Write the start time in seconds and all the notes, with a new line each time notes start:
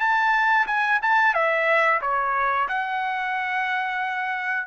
0.00 A5
0.67 G#5
1.02 A5
1.34 E5
2.02 C#5
2.68 F#5